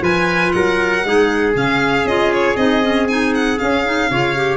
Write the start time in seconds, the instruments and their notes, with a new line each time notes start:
0.00 tuba F3, clarinet F4, trumpet B4, violin G#5
0.51 tuba F#3, trumpet A#4, violin F#5
1.04 tuba G#3, clarinet D#4, trumpet G#4
1.54 tuba C#3, clarinet C#4, violin F5
2.04 tuba C#4, clarinet F4, violin D#5
2.33 violin C#5
2.56 tuba C4, clarinet D#4, violin D#5
2.82 clarinet C#4
3.07 clarinet D#4, violin G#5
3.35 violin F#5
3.57 clarinet C#4, tuba C#4, violin F5
3.84 clarinet D#4
4.10 tuba C#3, clarinet F4, trumpet C#5
4.35 clarinet G4